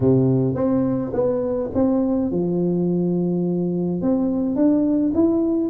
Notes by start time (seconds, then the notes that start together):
0.00 C3
0.54 C4
1.13 B3
1.74 C4
2.31 F3
4.01 C4
4.55 D4
5.14 E4